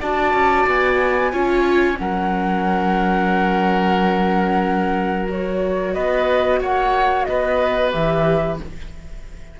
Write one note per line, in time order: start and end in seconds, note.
0.00 0.33 D4
0.00 1.33 F#4
0.00 1.32 D5
0.00 0.68 A5
0.33 0.66 C#4
0.66 1.32 B3
0.66 1.98 G#5
1.32 1.98 C#4
1.32 1.95 F4
1.32 1.98 C#5
1.95 5.95 F#3
1.95 5.25 C#4
1.95 5.94 A#4
1.95 5.27 F#5
5.28 7.91 F#4
5.28 5.94 C#5
5.94 6.60 B3
5.94 6.60 B4
5.94 6.59 D#5
6.60 7.26 A#3
6.60 7.27 C#5
6.60 7.24 F#5
7.24 7.94 B3
7.24 8.60 B4
7.24 7.90 D#5
7.91 8.59 E3
7.91 8.57 G4
7.91 8.58 E5